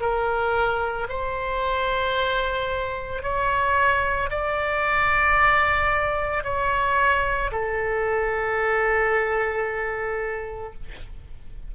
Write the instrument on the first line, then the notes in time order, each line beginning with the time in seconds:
oboe
0.00 A#4
1.09 C5
3.22 C#5
4.30 D5
6.44 C#5
7.51 A4